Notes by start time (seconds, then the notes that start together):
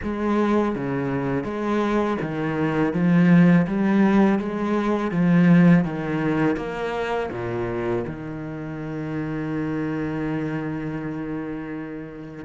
0.02 G#3
0.75 C#3
1.43 G#3
2.22 D#3
2.93 F3
3.67 G3
4.38 G#3
5.11 F3
5.84 D#3
6.56 A#3
7.31 A#2
8.07 D#3